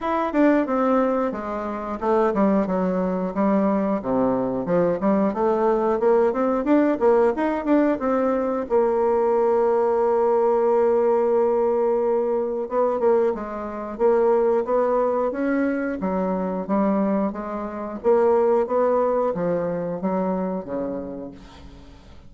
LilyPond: \new Staff \with { instrumentName = "bassoon" } { \time 4/4 \tempo 4 = 90 e'8 d'8 c'4 gis4 a8 g8 | fis4 g4 c4 f8 g8 | a4 ais8 c'8 d'8 ais8 dis'8 d'8 | c'4 ais2.~ |
ais2. b8 ais8 | gis4 ais4 b4 cis'4 | fis4 g4 gis4 ais4 | b4 f4 fis4 cis4 | }